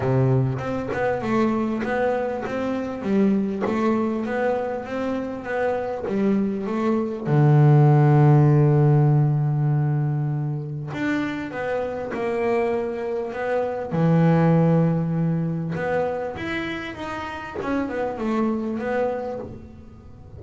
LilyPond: \new Staff \with { instrumentName = "double bass" } { \time 4/4 \tempo 4 = 99 c4 c'8 b8 a4 b4 | c'4 g4 a4 b4 | c'4 b4 g4 a4 | d1~ |
d2 d'4 b4 | ais2 b4 e4~ | e2 b4 e'4 | dis'4 cis'8 b8 a4 b4 | }